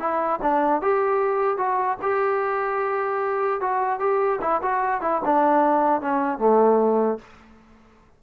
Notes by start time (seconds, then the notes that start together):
0.00 E4
0.43 D4
0.82 G4
1.58 F#4
2.02 G4
3.61 F#4
4.00 G4
4.41 E4
4.62 F#4
5.02 E4
5.25 D4
6.02 C#4
6.39 A3